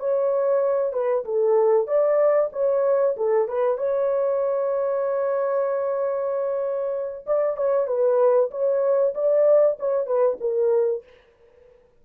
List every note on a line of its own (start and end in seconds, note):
0.00 0.93 C#5
0.93 1.24 B4
1.25 1.87 A4
1.87 2.50 D5
2.52 3.16 C#5
3.17 3.48 A4
3.48 3.78 B4
3.78 7.25 C#5
7.26 7.57 D5
7.57 7.87 C#5
7.87 8.50 B4
8.51 9.14 C#5
9.14 9.78 D5
9.80 10.07 C#5
10.07 10.38 B4
10.40 11.04 A#4